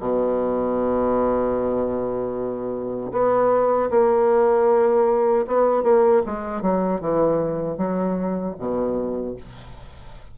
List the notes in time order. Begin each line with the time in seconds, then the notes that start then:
0.00 B2
3.12 B3
3.90 A#3
5.47 B3
5.83 A#3
6.26 G#3
6.62 F#3
7.01 E3
7.77 F#3
8.59 B2